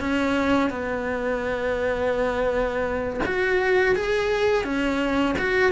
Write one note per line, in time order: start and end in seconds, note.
0.00 0.70 C#4
0.70 3.20 B3
3.26 3.96 F#4
3.96 4.64 G#4
4.64 5.36 C#4
5.39 5.72 F#4